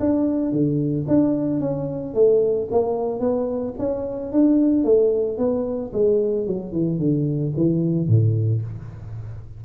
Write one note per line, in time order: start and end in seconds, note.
0.00 0.52 D4
0.52 1.06 D3
1.08 1.61 D4
1.61 2.14 C#4
2.14 2.69 A3
2.71 3.20 A#3
3.20 3.74 B3
3.79 4.32 C#4
4.32 4.84 D4
4.84 5.38 A3
5.38 5.92 B3
5.93 6.47 G#3
6.47 6.72 F#3
6.72 6.99 E3
6.99 7.53 D3
7.57 8.08 E3
8.08 8.62 A2